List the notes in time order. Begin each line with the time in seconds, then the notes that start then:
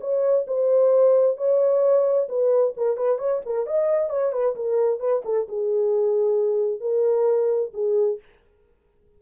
0.00 C#5
0.47 C5
1.37 C#5
2.28 B4
2.76 A#4
2.96 B4
3.18 C#5
3.45 A#4
3.66 D#5
4.10 C#5
4.32 B4
4.55 A#4
4.99 B4
5.25 A4
5.48 G#4
6.80 A#4
7.73 G#4